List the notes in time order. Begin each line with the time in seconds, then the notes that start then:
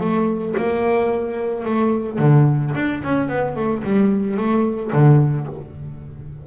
0.00 A3
0.57 A#3
1.65 A3
2.19 D3
2.75 D4
3.03 C#4
3.28 B3
3.56 A3
3.83 G3
4.37 A3
4.92 D3